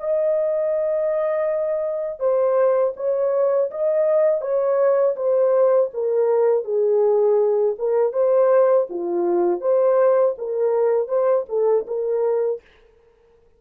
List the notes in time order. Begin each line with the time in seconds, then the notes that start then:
0.00 D#5
2.20 C5
2.97 C#5
3.71 D#5
4.41 C#5
5.16 C5
5.94 A#4
6.65 G#4
7.79 A#4
8.13 C5
8.90 F4
9.61 C5
10.39 A#4
11.09 C5
11.49 A4
11.88 A#4